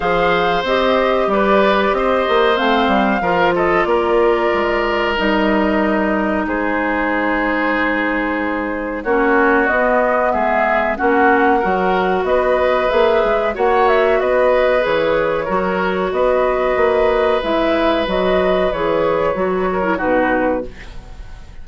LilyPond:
<<
  \new Staff \with { instrumentName = "flute" } { \time 4/4 \tempo 4 = 93 f''4 dis''4 d''4 dis''4 | f''4. dis''8 d''2 | dis''2 c''2~ | c''2 cis''4 dis''4 |
e''4 fis''2 dis''4 | e''4 fis''8 e''8 dis''4 cis''4~ | cis''4 dis''2 e''4 | dis''4 cis''2 b'4 | }
  \new Staff \with { instrumentName = "oboe" } { \time 4/4 c''2 b'4 c''4~ | c''4 ais'8 a'8 ais'2~ | ais'2 gis'2~ | gis'2 fis'2 |
gis'4 fis'4 ais'4 b'4~ | b'4 cis''4 b'2 | ais'4 b'2.~ | b'2~ b'8 ais'8 fis'4 | }
  \new Staff \with { instrumentName = "clarinet" } { \time 4/4 gis'4 g'2. | c'4 f'2. | dis'1~ | dis'2 cis'4 b4~ |
b4 cis'4 fis'2 | gis'4 fis'2 gis'4 | fis'2. e'4 | fis'4 gis'4 fis'8. e'16 dis'4 | }
  \new Staff \with { instrumentName = "bassoon" } { \time 4/4 f4 c'4 g4 c'8 ais8 | a8 g8 f4 ais4 gis4 | g2 gis2~ | gis2 ais4 b4 |
gis4 ais4 fis4 b4 | ais8 gis8 ais4 b4 e4 | fis4 b4 ais4 gis4 | fis4 e4 fis4 b,4 | }
>>